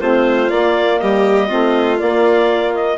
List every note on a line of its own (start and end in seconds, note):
0.00 0.50 A3
0.00 0.50 C4
0.00 1.00 F4
0.00 0.50 C5
0.50 1.00 A#3
0.50 1.49 A#3
0.50 0.99 D5
0.99 1.51 G3
0.99 1.48 G4
0.99 1.98 D#5
1.48 2.01 A3
1.48 1.98 C4
1.48 2.97 F4
1.98 2.97 A#3
1.98 2.73 D5
2.74 2.97 D#5